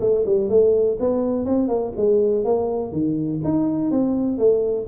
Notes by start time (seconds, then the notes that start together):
0.00 A3
0.25 G3
0.49 A3
1.00 B3
1.45 C4
1.68 A#3
1.96 G#3
2.44 A#3
2.92 D#3
3.44 D#4
3.91 C4
4.38 A3